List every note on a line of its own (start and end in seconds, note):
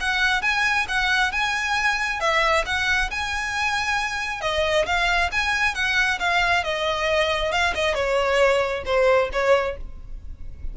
0.00 0.41 F#5
0.41 0.86 G#5
0.88 1.32 F#5
1.32 2.20 G#5
2.20 2.64 E5
2.65 3.10 F#5
3.10 4.41 G#5
4.41 4.85 D#5
4.85 5.30 F5
5.32 5.74 G#5
5.74 6.19 F#5
6.19 6.63 F5
6.63 7.51 D#5
7.51 7.74 F5
7.74 7.95 D#5
7.95 8.83 C#5
8.85 9.30 C5
9.33 9.77 C#5